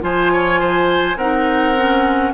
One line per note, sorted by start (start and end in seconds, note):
0.00 1.16 F3
0.00 1.15 F4
0.00 0.32 C5
0.00 1.17 G#5
0.32 0.60 C#5
0.60 1.17 C5
1.16 2.31 C4
1.16 1.76 D#4
1.16 2.32 A#4
1.16 2.33 F#5
1.76 2.33 C#4